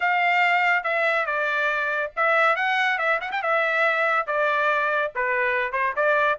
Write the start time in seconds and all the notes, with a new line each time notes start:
0.00 F5
0.83 E5
1.26 D5
2.16 E5
2.55 F#5
2.98 E5
3.20 F#5
3.31 G5
3.42 E5
4.26 D5
5.15 B4
5.72 C5
5.96 D5